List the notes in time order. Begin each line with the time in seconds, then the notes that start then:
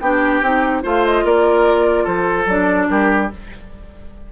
0.00 B3 D4 G4 G5
0.41 C4 D#4
0.82 A3 F4 C5 F5
1.05 D#5
1.23 A#3 A#4 D5
2.04 F3 A4 C5
2.45 F#3 D4 D5
2.89 G3 G4 A#4